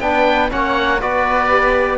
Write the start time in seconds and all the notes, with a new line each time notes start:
0.00 B3 D4 B4 G5
0.49 A#3 C#4 C#5 F#5
1.00 B3 F#4 B4 D5
1.49 G4